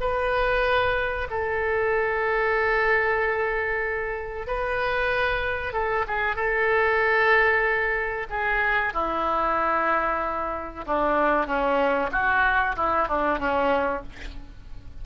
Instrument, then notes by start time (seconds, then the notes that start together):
oboe
0.00 B4
1.30 A4
4.47 B4
5.73 A4
6.07 G#4
6.36 A4
8.29 G#4
8.93 E4
10.87 D4
11.47 C#4
12.12 F#4
12.76 E4
13.08 D4
13.39 C#4